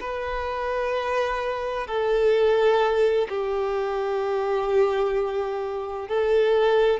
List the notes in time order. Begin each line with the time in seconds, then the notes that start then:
0.00 B4
1.87 A4
3.29 G4
6.08 A4